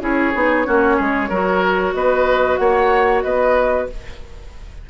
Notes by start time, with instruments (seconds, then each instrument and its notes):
0.00 bassoon C#4, clarinet E4, oboe G#4, flute C#5
0.34 bassoon B3, clarinet D#4
0.65 bassoon A#3, clarinet C#4, oboe F#4
0.96 bassoon G#3, oboe G#4
1.29 bassoon F#3, clarinet F#4, oboe A#4
1.94 bassoon B3, oboe B4, flute D#5
2.56 bassoon A#3, oboe C#5, flute F#5
3.22 bassoon B3, oboe B4, flute D#5